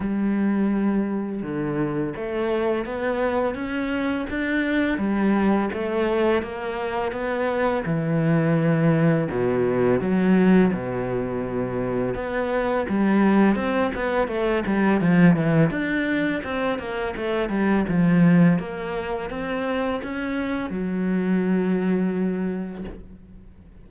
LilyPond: \new Staff \with { instrumentName = "cello" } { \time 4/4 \tempo 4 = 84 g2 d4 a4 | b4 cis'4 d'4 g4 | a4 ais4 b4 e4~ | e4 b,4 fis4 b,4~ |
b,4 b4 g4 c'8 b8 | a8 g8 f8 e8 d'4 c'8 ais8 | a8 g8 f4 ais4 c'4 | cis'4 fis2. | }